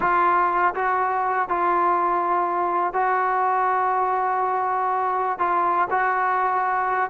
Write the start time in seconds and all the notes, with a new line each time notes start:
0.00 F4
0.75 F#4
1.48 F4
2.93 F#4
5.38 F4
5.90 F#4